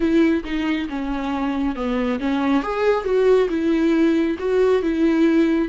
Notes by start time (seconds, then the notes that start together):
0.00 E4
0.44 D#4
0.89 C#4
1.75 B3
2.19 C#4
2.62 G#4
3.04 F#4
3.49 E4
4.39 F#4
4.82 E4